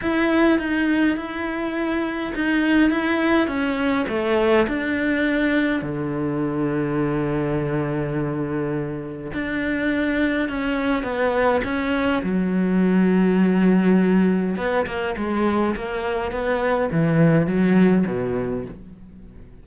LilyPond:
\new Staff \with { instrumentName = "cello" } { \time 4/4 \tempo 4 = 103 e'4 dis'4 e'2 | dis'4 e'4 cis'4 a4 | d'2 d2~ | d1 |
d'2 cis'4 b4 | cis'4 fis2.~ | fis4 b8 ais8 gis4 ais4 | b4 e4 fis4 b,4 | }